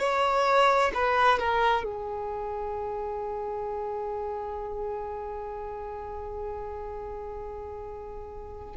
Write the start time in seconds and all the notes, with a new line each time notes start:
0.00 C#5
0.94 B4
1.39 A#4
1.84 G#4